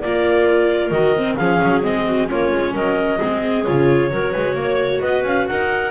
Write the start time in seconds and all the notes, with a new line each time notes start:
0.00 A#3 F4 A#4 D5
0.90 D#3 F#4 D#5
1.16 C4
1.36 F3 C#4 G#4 F5
1.62 F#3
1.82 G#3 C4 D#5
2.05 F#4
2.27 A#3 C#4 F4 C#5
2.51 G#3
2.73 F#3 A#4 D#5
3.18 G#3 C4 G#4
3.65 C#3 F4 C#5
4.09 F#3 F#4 A#4
4.32 G#3 B4
4.54 A#3 C#5
5.00 B3 B4 D#5
5.23 C#4 F5
5.47 D#4 A#4 F#5